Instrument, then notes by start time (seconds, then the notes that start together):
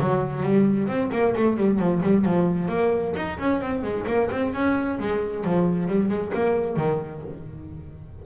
double bass
0.00 F#3
0.43 G3
0.88 C4
1.12 A#3
1.36 A3
1.57 G3
1.79 F3
2.03 G3
2.25 F3
2.69 A#3
3.16 D#4
3.39 C#4
3.61 C4
3.83 G#3
4.07 A#3
4.31 C4
4.54 C#4
4.99 G#3
5.44 F3
5.88 G3
6.09 G#3
6.34 A#3
6.76 D#3